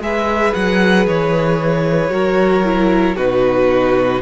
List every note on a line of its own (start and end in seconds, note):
0.00 0.53 G#3
0.00 2.09 G#4
0.00 2.13 B4
0.00 0.54 E5
0.54 1.06 F#3
0.54 1.06 F#5
1.06 2.10 E3
1.06 3.16 C#5
2.09 3.16 F#3
2.09 2.62 F#4
2.09 3.16 A#4
2.64 3.17 E4
3.16 4.22 B2
3.16 4.22 D#4
3.16 4.21 F#4
3.16 4.22 B4